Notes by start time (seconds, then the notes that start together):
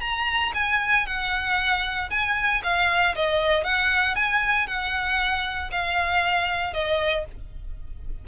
0.00 A#5
0.54 G#5
1.06 F#5
2.10 G#5
2.63 F5
3.15 D#5
3.63 F#5
4.15 G#5
4.67 F#5
5.71 F5
6.73 D#5